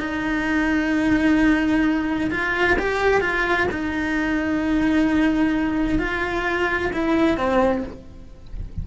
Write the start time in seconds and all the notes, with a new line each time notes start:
0.00 D#4
2.31 F4
2.79 G4
3.21 F4
3.72 D#4
5.99 F4
6.93 E4
7.38 C4